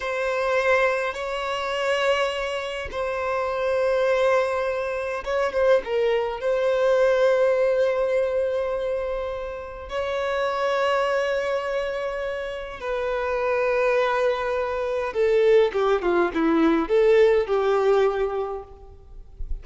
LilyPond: \new Staff \with { instrumentName = "violin" } { \time 4/4 \tempo 4 = 103 c''2 cis''2~ | cis''4 c''2.~ | c''4 cis''8 c''8 ais'4 c''4~ | c''1~ |
c''4 cis''2.~ | cis''2 b'2~ | b'2 a'4 g'8 f'8 | e'4 a'4 g'2 | }